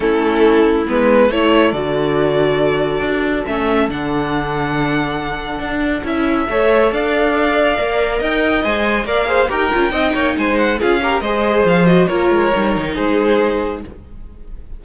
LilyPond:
<<
  \new Staff \with { instrumentName = "violin" } { \time 4/4 \tempo 4 = 139 a'2 b'4 cis''4 | d''1 | e''4 fis''2.~ | fis''2 e''2 |
f''2. g''4 | gis''4 f''4 g''2 | gis''8 fis''8 f''4 dis''4 f''8 dis''8 | cis''2 c''2 | }
  \new Staff \with { instrumentName = "violin" } { \time 4/4 e'2. a'4~ | a'1~ | a'1~ | a'2. cis''4 |
d''2. dis''4~ | dis''4 d''8 c''8 ais'4 dis''8 cis''8 | c''4 gis'8 ais'8 c''2 | ais'2 gis'2 | }
  \new Staff \with { instrumentName = "viola" } { \time 4/4 cis'2 b4 e'4 | fis'1 | cis'4 d'2.~ | d'2 e'4 a'4~ |
a'2 ais'2 | c''4 ais'8 gis'8 g'8 f'8 dis'4~ | dis'4 f'8 g'8 gis'4. fis'8 | f'4 dis'2. | }
  \new Staff \with { instrumentName = "cello" } { \time 4/4 a2 gis4 a4 | d2. d'4 | a4 d2.~ | d4 d'4 cis'4 a4 |
d'2 ais4 dis'4 | gis4 ais4 dis'8 cis'8 c'8 ais8 | gis4 cis'4 gis4 f4 | ais8 gis8 g8 dis8 gis2 | }
>>